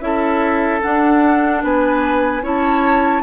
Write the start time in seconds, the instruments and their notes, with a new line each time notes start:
0.00 bassoon C#4, clarinet E4, oboe A4, flute E5
0.82 clarinet D4, bassoon D4, flute F#5
1.63 bassoon B3, oboe B4, flute G#5
2.41 bassoon C#4, clarinet E4, oboe C#5, flute A5